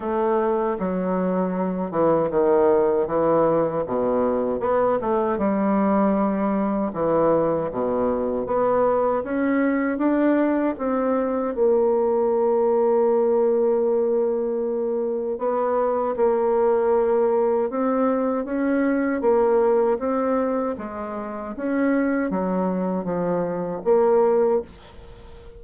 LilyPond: \new Staff \with { instrumentName = "bassoon" } { \time 4/4 \tempo 4 = 78 a4 fis4. e8 dis4 | e4 b,4 b8 a8 g4~ | g4 e4 b,4 b4 | cis'4 d'4 c'4 ais4~ |
ais1 | b4 ais2 c'4 | cis'4 ais4 c'4 gis4 | cis'4 fis4 f4 ais4 | }